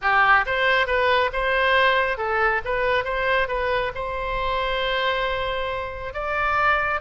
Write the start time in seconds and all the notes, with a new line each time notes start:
0.01 G4
0.46 C5
0.86 B4
1.32 C5
2.17 A4
2.65 B4
3.04 C5
3.48 B4
3.94 C5
6.13 D5